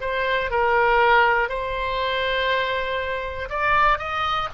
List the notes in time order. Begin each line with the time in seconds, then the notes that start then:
0.00 C5
0.50 A#4
1.49 C5
3.49 D5
3.98 D#5